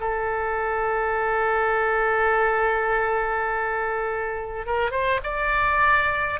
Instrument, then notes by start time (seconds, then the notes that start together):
oboe
0.00 A4
4.66 A#4
4.91 C5
5.23 D5